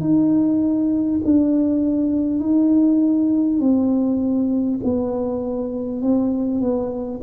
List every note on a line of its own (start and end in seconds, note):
0.00 1.20 D#4
1.24 2.39 D4
2.39 3.59 D#4
3.59 4.79 C4
4.84 6.01 B3
6.01 6.60 C4
6.60 7.20 B3